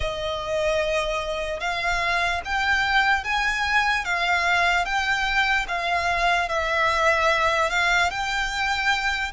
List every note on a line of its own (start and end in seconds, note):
0.00 1.60 D#5
1.60 2.41 F5
2.44 3.24 G5
3.24 4.04 G#5
4.04 4.85 F5
4.85 5.66 G5
5.68 6.48 F5
6.48 7.70 E5
7.70 8.10 F5
8.10 9.32 G5